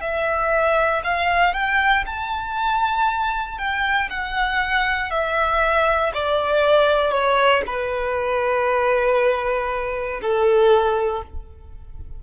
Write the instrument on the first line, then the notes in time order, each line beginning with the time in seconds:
violin
0.00 E5
1.04 F5
1.53 G5
2.06 A5
3.58 G5
4.10 F#5
5.10 E5
6.13 D5
7.11 C#5
7.66 B4
10.21 A4